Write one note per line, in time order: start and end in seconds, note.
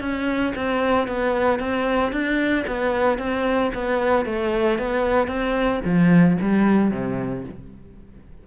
0.00 0.53 C#4
0.55 1.07 C4
1.07 1.59 B3
1.59 2.12 C4
2.12 2.65 D4
2.67 3.18 B3
3.18 3.71 C4
3.74 4.26 B3
4.26 4.79 A3
4.79 5.27 B3
5.27 5.80 C4
5.84 6.37 F3
6.41 6.91 G3
6.91 7.44 C3